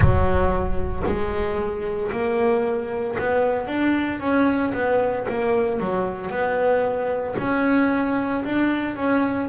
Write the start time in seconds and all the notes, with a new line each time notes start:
0.00 F#3
1.06 G#3
2.11 A#3
3.18 B3
3.67 D4
4.20 C#4
4.73 B3
5.29 A#3
5.79 F#3
6.30 B3
7.38 C#4
8.44 D4
8.96 C#4